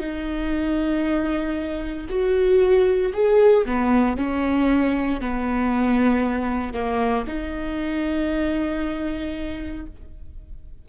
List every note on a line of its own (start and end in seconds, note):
0.00 2.07 D#4
2.09 3.12 F#4
3.13 3.65 G#4
3.65 4.17 B3
4.17 5.20 C#4
5.20 6.73 B3
6.73 7.25 A#3
7.27 9.86 D#4